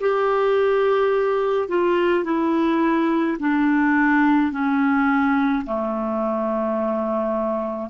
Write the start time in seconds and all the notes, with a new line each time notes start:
0.00 G4
1.68 F4
2.24 E4
3.39 D4
4.52 C#4
5.66 A3